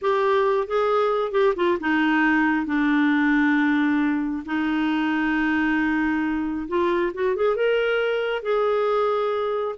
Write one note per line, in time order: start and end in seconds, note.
0.01 0.67 G4
0.67 1.31 G#4
1.31 1.53 G4
1.56 1.78 F4
1.80 2.65 D#4
2.65 4.43 D4
4.45 6.67 D#4
6.67 7.12 F4
7.13 7.36 F#4
7.36 7.56 G#4
7.56 8.42 A#4
8.42 9.75 G#4